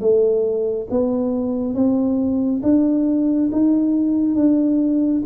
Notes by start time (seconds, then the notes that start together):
0.00 A3
0.90 B3
1.74 C4
2.63 D4
3.52 D#4
4.35 D4